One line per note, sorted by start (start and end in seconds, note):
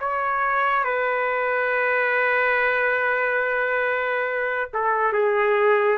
0.00 0.84 C#5
0.84 4.70 B4
4.74 5.13 A4
5.13 5.98 G#4